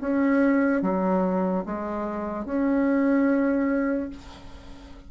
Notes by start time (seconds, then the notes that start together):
0.00 C#4
0.82 F#3
1.66 G#3
2.45 C#4